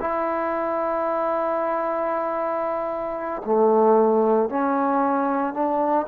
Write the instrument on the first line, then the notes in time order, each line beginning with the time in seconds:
trombone
0.00 E4
3.45 A3
4.50 C#4
5.54 D4